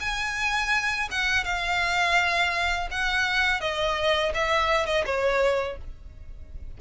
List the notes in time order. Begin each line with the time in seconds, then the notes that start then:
0.00 G#5
1.11 F#5
1.44 F5
2.91 F#5
3.60 D#5
4.34 E5
4.86 D#5
5.06 C#5